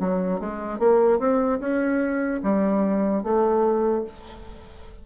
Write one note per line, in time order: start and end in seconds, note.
0.00 0.40 F#3
0.40 0.79 G#3
0.79 1.19 A#3
1.19 1.60 C4
1.60 2.41 C#4
2.44 3.24 G3
3.24 4.05 A3